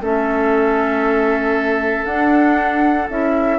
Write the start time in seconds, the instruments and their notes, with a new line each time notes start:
0.00 bassoon A3, clarinet C#4, oboe A4, flute E5
2.05 bassoon D4, clarinet D4, flute F#5
3.09 bassoon C#4, clarinet E4, flute E5